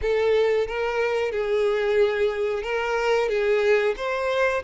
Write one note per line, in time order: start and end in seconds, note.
0.01 0.67 A4
0.67 1.31 A#4
1.31 2.62 G#4
2.62 3.28 A#4
3.28 3.94 G#4
3.97 4.62 C5